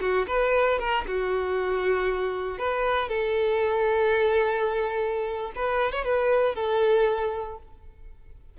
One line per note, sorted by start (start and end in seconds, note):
0.00 0.26 F#4
0.27 0.79 B4
0.79 1.04 A#4
1.07 2.58 F#4
2.58 3.08 B4
3.08 5.52 A4
5.55 5.92 B4
5.92 6.04 C#5
6.04 6.55 B4
6.55 7.57 A4